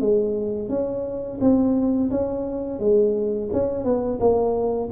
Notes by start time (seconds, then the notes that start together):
0.00 G#3
0.68 C#4
1.40 C4
2.10 C#4
2.79 G#3
3.52 C#4
3.84 B3
4.20 A#3